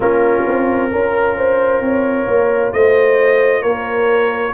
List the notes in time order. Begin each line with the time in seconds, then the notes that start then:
0.00 A#3 C#4 F4 A#4
0.46 C4
0.91 C#4 F4 A#4
1.36 C5
1.80 C4 C#5
2.27 A#3
2.72 A3 C5 D#5
3.62 A#3 A#4 C#5